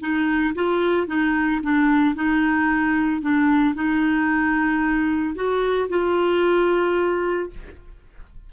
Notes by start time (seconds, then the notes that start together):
0.00 D#4
0.54 F4
1.07 D#4
1.62 D4
2.15 D#4
3.21 D4
3.75 D#4
5.35 F#4
5.89 F4